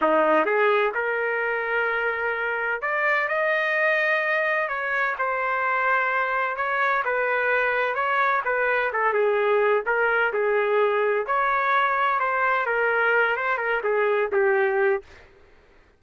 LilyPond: \new Staff \with { instrumentName = "trumpet" } { \time 4/4 \tempo 4 = 128 dis'4 gis'4 ais'2~ | ais'2 d''4 dis''4~ | dis''2 cis''4 c''4~ | c''2 cis''4 b'4~ |
b'4 cis''4 b'4 a'8 gis'8~ | gis'4 ais'4 gis'2 | cis''2 c''4 ais'4~ | ais'8 c''8 ais'8 gis'4 g'4. | }